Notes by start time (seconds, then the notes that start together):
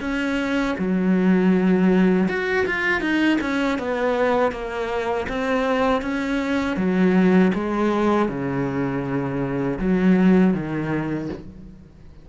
0.00 C#4
0.78 F#3
2.28 F#4
2.66 F4
3.00 D#4
3.41 C#4
3.78 B3
4.51 A#3
5.28 C4
6.02 C#4
6.76 F#3
7.54 G#3
8.28 C#3
9.79 F#3
10.54 D#3